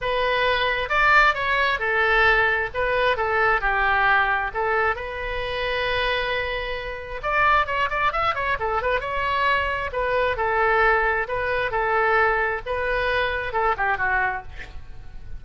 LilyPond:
\new Staff \with { instrumentName = "oboe" } { \time 4/4 \tempo 4 = 133 b'2 d''4 cis''4 | a'2 b'4 a'4 | g'2 a'4 b'4~ | b'1 |
d''4 cis''8 d''8 e''8 cis''8 a'8 b'8 | cis''2 b'4 a'4~ | a'4 b'4 a'2 | b'2 a'8 g'8 fis'4 | }